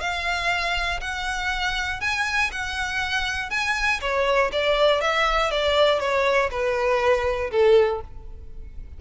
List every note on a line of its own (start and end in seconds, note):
0.00 1.00 F5
1.00 2.00 F#5
2.01 2.51 G#5
2.52 3.50 F#5
3.50 4.00 G#5
4.01 4.51 C#5
4.52 5.01 D5
5.01 5.51 E5
5.51 6.00 D5
6.00 6.50 C#5
6.51 7.51 B4
7.51 8.01 A4